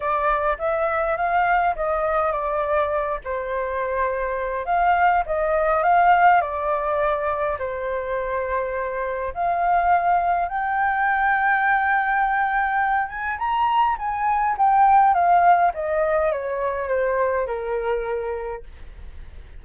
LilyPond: \new Staff \with { instrumentName = "flute" } { \time 4/4 \tempo 4 = 103 d''4 e''4 f''4 dis''4 | d''4. c''2~ c''8 | f''4 dis''4 f''4 d''4~ | d''4 c''2. |
f''2 g''2~ | g''2~ g''8 gis''8 ais''4 | gis''4 g''4 f''4 dis''4 | cis''4 c''4 ais'2 | }